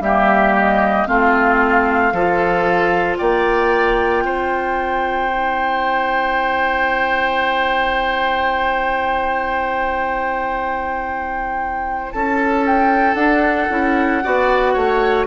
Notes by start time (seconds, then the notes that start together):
0.00 G3 A#3 G4 E5
0.58 D#5
1.06 A3 C4 F4 F5
2.12 F3 F4 A4
3.17 A#3 D5 G5
4.23 C4 C5
5.29 E4
12.12 C#4 A4 A5
12.66 G5
13.14 D4 F#5
13.69 C#4 E4
14.23 B3 F#4 D5
14.73 A3 C#5